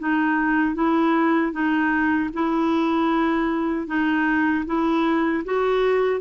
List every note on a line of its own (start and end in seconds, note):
0.00 0.75 D#4
0.75 1.53 E4
1.53 2.31 D#4
2.34 3.87 E4
3.87 4.65 D#4
4.66 5.44 E4
5.45 6.21 F#4